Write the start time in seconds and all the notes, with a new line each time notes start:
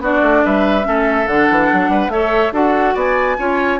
0.00 B3 D4 F#4 D5
0.22 A3
0.45 G3 B4 E5
0.83 A3 C#4 A4
1.27 D3 D4 F#5
1.50 E3
1.72 F#3
1.89 G3 B4
2.08 A3 A4 C#5 E5
2.52 D4 F#4 A4 F#5
2.95 B3 D5 G#5
3.38 C#4 F4 C#5